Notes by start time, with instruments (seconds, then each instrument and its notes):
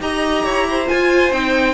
0.00 cello D#4, viola G4, violin D#5 A#5
0.44 cello E4, violin C#5
0.69 violin C5
0.87 viola F4, cello F4, violin G#5
1.31 cello C4, viola D#4, violin G5